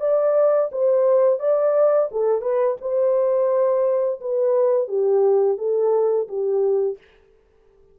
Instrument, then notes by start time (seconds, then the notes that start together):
horn
0.00 D5
0.72 C5
1.39 D5
2.11 A4
2.41 B4
2.81 C5
4.21 B4
4.88 G4
5.58 A4
6.28 G4